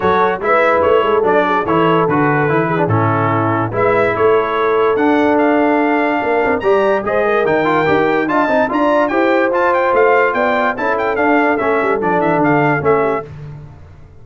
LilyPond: <<
  \new Staff \with { instrumentName = "trumpet" } { \time 4/4 \tempo 4 = 145 cis''4 e''4 cis''4 d''4 | cis''4 b'2 a'4~ | a'4 e''4 cis''2 | fis''4 f''2. |
ais''4 dis''4 g''2 | a''4 ais''4 g''4 a''8 g''8 | f''4 g''4 a''8 g''8 f''4 | e''4 d''8 e''8 f''4 e''4 | }
  \new Staff \with { instrumentName = "horn" } { \time 4/4 a'4 b'4. a'4 gis'8 | a'2~ a'8 gis'8 e'4~ | e'4 b'4 a'2~ | a'2. ais'4 |
d''4 c''8 ais'2~ ais'8 | dis''4 d''4 c''2~ | c''4 d''4 a'2~ | a'2.~ a'8 g'8 | }
  \new Staff \with { instrumentName = "trombone" } { \time 4/4 fis'4 e'2 d'4 | e'4 fis'4 e'8. d'16 cis'4~ | cis'4 e'2. | d'1 |
g'4 gis'4 dis'8 f'8 g'4 | f'8 dis'8 f'4 g'4 f'4~ | f'2 e'4 d'4 | cis'4 d'2 cis'4 | }
  \new Staff \with { instrumentName = "tuba" } { \time 4/4 fis4 gis4 a8 gis8 fis4 | e4 d4 e4 a,4~ | a,4 gis4 a2 | d'2. ais8 c'8 |
g4 gis4 dis4 dis'4 | d'8 c'8 d'4 e'4 f'4 | a4 b4 cis'4 d'4 | a8 g8 f8 e8 d4 a4 | }
>>